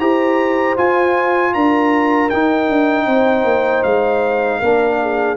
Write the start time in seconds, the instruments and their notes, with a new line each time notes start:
0.00 tuba E4, trombone G4, horn C5, trumpet A#5
0.77 trombone F4, tuba F4, trumpet G#5
1.54 tuba D4, horn A#4, trumpet A#5
2.30 tuba D#4, trombone D#4, trumpet G5
2.69 tuba D4
3.06 tuba C4, horn C5
3.45 tuba A#3
3.84 tuba G#3, trumpet F5
4.60 tuba A#3, trombone D4, horn A#4
5.02 horn G#4